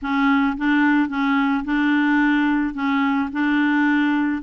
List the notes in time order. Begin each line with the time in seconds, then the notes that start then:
0.02 C#4
0.57 D4
1.09 C#4
1.64 D4
2.74 C#4
3.32 D4